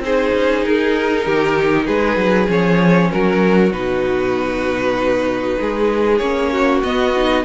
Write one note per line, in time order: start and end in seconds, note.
0.00 0.31 C4
0.00 2.47 D#4
0.00 1.25 G#4
0.00 0.65 C5
0.33 0.64 C#4
0.65 1.26 D#4
0.65 1.87 A#4
1.25 1.88 D#3
1.25 1.85 G4
1.85 2.17 G#3
1.85 3.09 G#4
1.85 2.48 B4
2.17 2.48 F#3
2.47 3.10 F3
2.47 3.70 C#4
2.47 3.11 C#5
3.11 3.71 F#3
3.11 5.59 F#4
3.11 3.72 A#4
3.71 5.57 B2
3.71 6.20 D#4
3.71 6.18 B4
5.60 6.20 G#3
5.60 6.53 G#4
6.18 6.82 A#3
6.18 6.83 C#4
6.18 6.80 C#5
6.53 7.45 F#4
6.84 7.45 B3
6.84 7.15 B3
6.84 7.45 D#5
7.17 7.45 D#4